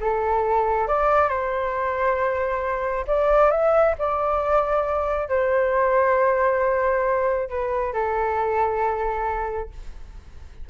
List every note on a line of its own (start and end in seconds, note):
0.00 0.87 A4
0.87 1.29 D5
1.29 3.05 C5
3.07 3.51 D5
3.51 3.95 E5
3.98 5.28 D5
5.28 7.49 C5
7.49 7.93 B4
7.93 9.69 A4